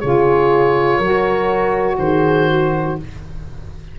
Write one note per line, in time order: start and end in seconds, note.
0.00 0.99 C#3
0.00 1.02 F4
0.00 0.97 G#4
0.00 1.97 C#5
0.97 1.98 F#3
0.97 2.99 F#4
0.97 1.96 A#4
1.98 2.97 D#3
1.98 2.50 G#4
1.98 2.97 C5
2.50 2.99 F#4